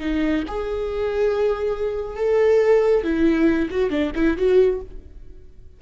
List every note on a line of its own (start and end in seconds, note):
0.00 0.43 D#4
0.47 2.17 G#4
2.17 3.04 A4
3.04 3.69 E4
3.70 3.90 F#4
3.90 4.11 D4
4.15 4.37 E4
4.37 4.80 F#4